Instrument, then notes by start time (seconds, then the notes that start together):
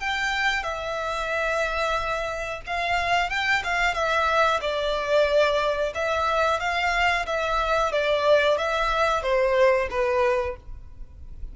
violin
0.00 G5
0.63 E5
2.67 F5
3.30 G5
3.64 F5
3.94 E5
4.61 D5
5.95 E5
6.60 F5
7.26 E5
7.92 D5
8.58 E5
9.23 C5
9.91 B4